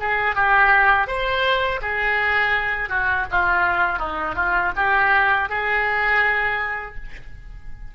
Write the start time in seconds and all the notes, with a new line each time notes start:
0.00 G#4
0.35 G4
1.07 C5
1.82 G#4
2.89 F#4
3.31 F4
3.99 D#4
4.35 F4
4.76 G4
5.49 G#4